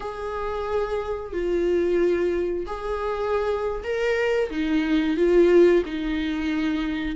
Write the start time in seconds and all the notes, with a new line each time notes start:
0.00 G#4
1.32 F4
2.66 G#4
3.83 A#4
4.50 D#4
5.16 F4
5.85 D#4